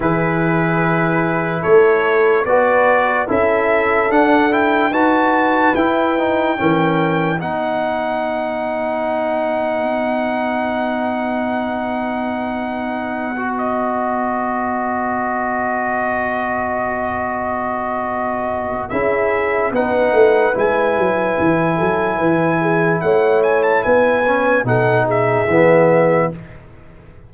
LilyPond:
<<
  \new Staff \with { instrumentName = "trumpet" } { \time 4/4 \tempo 4 = 73 b'2 cis''4 d''4 | e''4 fis''8 g''8 a''4 g''4~ | g''4 fis''2.~ | fis''1~ |
fis''8 dis''2.~ dis''8~ | dis''2. e''4 | fis''4 gis''2. | fis''8 gis''16 a''16 gis''4 fis''8 e''4. | }
  \new Staff \with { instrumentName = "horn" } { \time 4/4 gis'2 a'4 b'4 | a'2 b'2 | ais'4 b'2.~ | b'1~ |
b'1~ | b'2. gis'4 | b'2~ b'8 a'8 b'8 gis'8 | cis''4 b'4 a'8 gis'4. | }
  \new Staff \with { instrumentName = "trombone" } { \time 4/4 e'2. fis'4 | e'4 d'8 e'8 fis'4 e'8 dis'8 | cis'4 dis'2.~ | dis'1~ |
dis'16 fis'2.~ fis'8.~ | fis'2. e'4 | dis'4 e'2.~ | e'4. cis'8 dis'4 b4 | }
  \new Staff \with { instrumentName = "tuba" } { \time 4/4 e2 a4 b4 | cis'4 d'4 dis'4 e'4 | e4 b2.~ | b1~ |
b1~ | b2. cis'4 | b8 a8 gis8 fis8 e8 fis8 e4 | a4 b4 b,4 e4 | }
>>